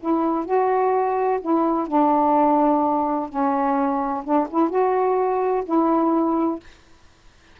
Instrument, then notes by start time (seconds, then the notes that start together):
saxophone
0.00 E4
0.46 F#4
1.42 E4
1.88 D4
3.29 C#4
4.24 D4
4.50 E4
4.70 F#4
5.65 E4